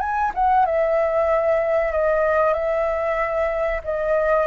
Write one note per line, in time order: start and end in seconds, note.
0.00 0.32 G#5
0.34 0.66 F#5
0.66 1.92 E5
1.92 2.54 D#5
2.54 3.81 E5
3.84 4.47 D#5